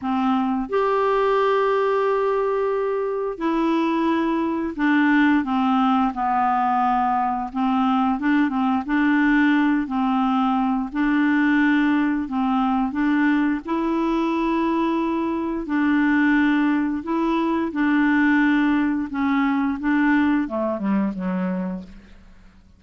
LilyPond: \new Staff \with { instrumentName = "clarinet" } { \time 4/4 \tempo 4 = 88 c'4 g'2.~ | g'4 e'2 d'4 | c'4 b2 c'4 | d'8 c'8 d'4. c'4. |
d'2 c'4 d'4 | e'2. d'4~ | d'4 e'4 d'2 | cis'4 d'4 a8 g8 fis4 | }